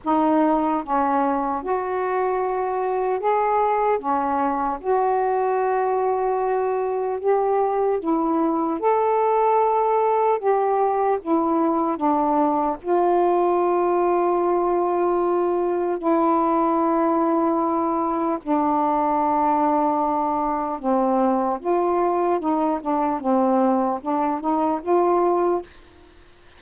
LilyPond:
\new Staff \with { instrumentName = "saxophone" } { \time 4/4 \tempo 4 = 75 dis'4 cis'4 fis'2 | gis'4 cis'4 fis'2~ | fis'4 g'4 e'4 a'4~ | a'4 g'4 e'4 d'4 |
f'1 | e'2. d'4~ | d'2 c'4 f'4 | dis'8 d'8 c'4 d'8 dis'8 f'4 | }